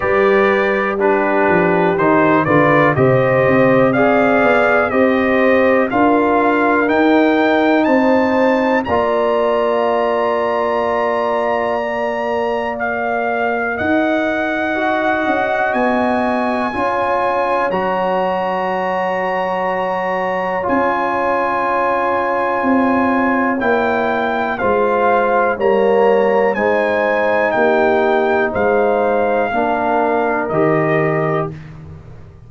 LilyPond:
<<
  \new Staff \with { instrumentName = "trumpet" } { \time 4/4 \tempo 4 = 61 d''4 b'4 c''8 d''8 dis''4 | f''4 dis''4 f''4 g''4 | a''4 ais''2.~ | ais''4 f''4 fis''2 |
gis''2 ais''2~ | ais''4 gis''2. | g''4 f''4 ais''4 gis''4 | g''4 f''2 dis''4 | }
  \new Staff \with { instrumentName = "horn" } { \time 4/4 b'4 g'4. b'8 c''4 | d''4 c''4 ais'2 | c''4 d''2.~ | d''2 dis''2~ |
dis''4 cis''2.~ | cis''1~ | cis''4 c''4 cis''4 c''4 | g'4 c''4 ais'2 | }
  \new Staff \with { instrumentName = "trombone" } { \time 4/4 g'4 d'4 dis'8 f'8 g'4 | gis'4 g'4 f'4 dis'4~ | dis'4 f'2. | ais'2. fis'4~ |
fis'4 f'4 fis'2~ | fis'4 f'2. | e'4 f'4 ais4 dis'4~ | dis'2 d'4 g'4 | }
  \new Staff \with { instrumentName = "tuba" } { \time 4/4 g4. f8 dis8 d8 c8 c'8~ | c'8 b8 c'4 d'4 dis'4 | c'4 ais2.~ | ais2 dis'4. cis'8 |
b4 cis'4 fis2~ | fis4 cis'2 c'4 | ais4 gis4 g4 gis4 | ais4 gis4 ais4 dis4 | }
>>